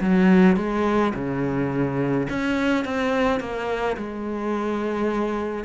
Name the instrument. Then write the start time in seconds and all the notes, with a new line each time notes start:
cello
0.00 F#3
0.56 G#3
1.14 C#3
2.29 C#4
2.84 C4
3.39 A#3
3.96 G#3